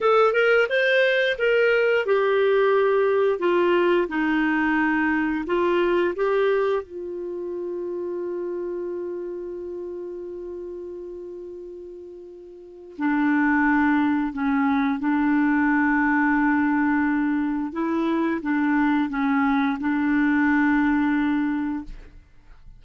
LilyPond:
\new Staff \with { instrumentName = "clarinet" } { \time 4/4 \tempo 4 = 88 a'8 ais'8 c''4 ais'4 g'4~ | g'4 f'4 dis'2 | f'4 g'4 f'2~ | f'1~ |
f'2. d'4~ | d'4 cis'4 d'2~ | d'2 e'4 d'4 | cis'4 d'2. | }